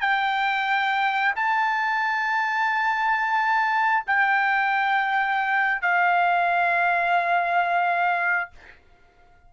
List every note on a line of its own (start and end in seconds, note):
0.00 1.34 G5
1.36 4.04 A5
4.07 5.81 G5
5.81 8.50 F5